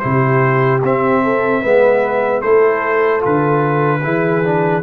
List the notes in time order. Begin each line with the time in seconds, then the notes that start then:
0.00 C3 E4 G4 C5
0.83 C4 E5
1.24 A4
1.62 G#3 B3 B4
2.42 A3 E4 A4 C5
3.21 D3 F4 B4
4.04 E3 E4 G#4
4.45 D4